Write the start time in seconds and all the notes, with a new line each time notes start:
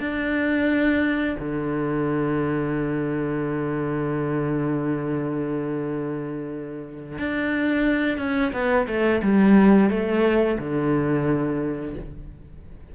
0.00 D4
1.39 D3
7.18 D4
8.18 C#4
8.53 B3
8.87 A3
9.22 G3
9.90 A3
10.59 D3